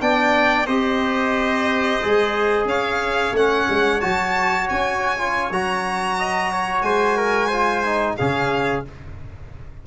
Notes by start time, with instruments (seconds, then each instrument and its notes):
0.00 tuba B3, trombone D4, trumpet D5, violin G5
0.66 tuba C4, trombone G4, trumpet C5, violin D#5
2.01 tuba G#3, trombone G#4
2.65 tuba C#4, trumpet C#5, violin F5
3.32 tuba A3, trombone C#4, violin F#5
3.69 tuba G#3
4.00 tuba F#3, trombone F#4, violin A5
4.69 tuba C#4, violin G#5
5.17 trombone F4
5.50 tuba F#3, trombone F#4, violin A#5
6.18 trumpet D#5
6.52 trumpet C#5
6.82 tuba G#3, trumpet C5, violin G#5
7.16 trumpet A#4
7.47 trombone F4, trumpet C5
7.85 trombone D#4
8.17 tuba C#3, trombone C#4, trumpet G#4, violin F5